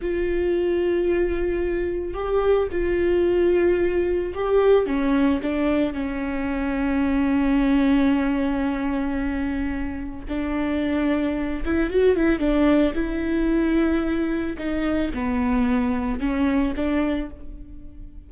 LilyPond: \new Staff \with { instrumentName = "viola" } { \time 4/4 \tempo 4 = 111 f'1 | g'4 f'2. | g'4 cis'4 d'4 cis'4~ | cis'1~ |
cis'2. d'4~ | d'4. e'8 fis'8 e'8 d'4 | e'2. dis'4 | b2 cis'4 d'4 | }